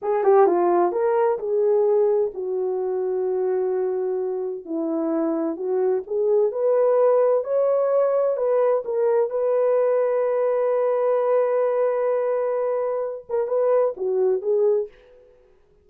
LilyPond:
\new Staff \with { instrumentName = "horn" } { \time 4/4 \tempo 4 = 129 gis'8 g'8 f'4 ais'4 gis'4~ | gis'4 fis'2.~ | fis'2 e'2 | fis'4 gis'4 b'2 |
cis''2 b'4 ais'4 | b'1~ | b'1~ | b'8 ais'8 b'4 fis'4 gis'4 | }